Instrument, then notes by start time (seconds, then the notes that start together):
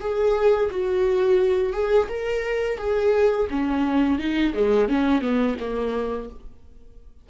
viola
0.00 G#4
0.71 F#4
1.73 G#4
2.09 A#4
2.77 G#4
3.50 C#4
4.19 D#4
4.53 G#3
4.88 C#4
5.22 B3
5.60 A#3